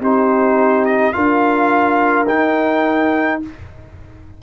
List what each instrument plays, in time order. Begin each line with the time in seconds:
0.00 tuba C4, trombone D#4, horn G4, trumpet C5
0.85 trumpet D#5
1.13 tuba D4, trombone F4, horn A#4, trumpet F5
2.27 tuba D#4, trombone D#4, trumpet G5